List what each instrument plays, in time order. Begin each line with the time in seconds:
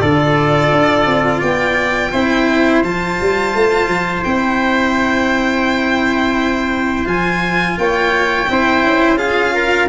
0.00 tuba D3, cello F4, trumpet A4, violin D5
0.72 tuba D4
1.06 tuba C4
1.40 tuba B3, trumpet D5, violin G5
2.12 tuba C4, cello E4, trumpet C5
2.84 tuba F3, cello F4, violin A5
3.21 tuba G3
3.55 tuba A3
3.88 tuba F3
4.24 tuba C4, cello E4, violin G5
7.06 tuba F3, cello F4, violin G#5
7.78 tuba A#3, trumpet C#5, violin G5
8.49 tuba C4, cello E4, trumpet C5
8.84 tuba C#4
9.17 cello F4, trumpet G#4, violin F5
9.54 trumpet A#4